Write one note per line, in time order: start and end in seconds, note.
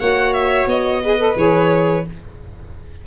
0.00 0.67 A#3
0.00 1.03 F#4
0.00 1.03 C#5
0.00 0.34 F#5
0.34 0.68 E5
0.67 1.35 B3
0.67 1.37 D#5
1.04 1.19 G#4
1.04 2.07 B4
1.19 1.36 A4
1.36 2.04 E3
1.36 2.05 G#4
1.36 2.07 C#5